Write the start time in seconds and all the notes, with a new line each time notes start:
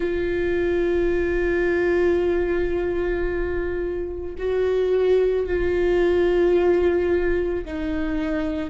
0.00 F4
4.38 F#4
5.46 F4
7.65 D#4